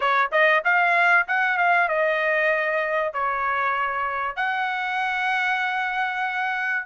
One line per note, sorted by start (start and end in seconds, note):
0.00 0.30 C#5
0.31 0.62 D#5
0.64 1.26 F5
1.27 1.57 F#5
1.57 1.88 F5
1.88 3.13 D#5
3.13 4.36 C#5
4.36 6.86 F#5